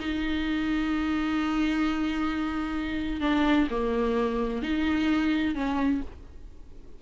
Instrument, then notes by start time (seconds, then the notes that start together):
viola
0.00 D#4
3.21 D4
3.71 A#3
4.63 D#4
5.55 C#4